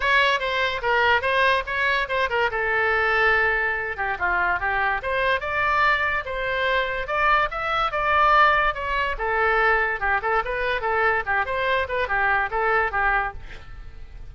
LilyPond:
\new Staff \with { instrumentName = "oboe" } { \time 4/4 \tempo 4 = 144 cis''4 c''4 ais'4 c''4 | cis''4 c''8 ais'8 a'2~ | a'4. g'8 f'4 g'4 | c''4 d''2 c''4~ |
c''4 d''4 e''4 d''4~ | d''4 cis''4 a'2 | g'8 a'8 b'4 a'4 g'8 c''8~ | c''8 b'8 g'4 a'4 g'4 | }